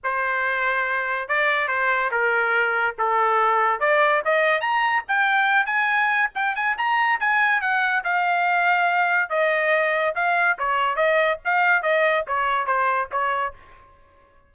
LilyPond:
\new Staff \with { instrumentName = "trumpet" } { \time 4/4 \tempo 4 = 142 c''2. d''4 | c''4 ais'2 a'4~ | a'4 d''4 dis''4 ais''4 | g''4. gis''4. g''8 gis''8 |
ais''4 gis''4 fis''4 f''4~ | f''2 dis''2 | f''4 cis''4 dis''4 f''4 | dis''4 cis''4 c''4 cis''4 | }